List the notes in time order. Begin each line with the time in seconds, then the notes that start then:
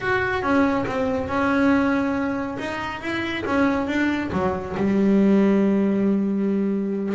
0.00 F#4
0.42 C#4
0.86 C4
1.28 C#4
2.59 D#4
3.01 E4
3.46 C#4
3.87 D4
4.32 F#3
4.76 G3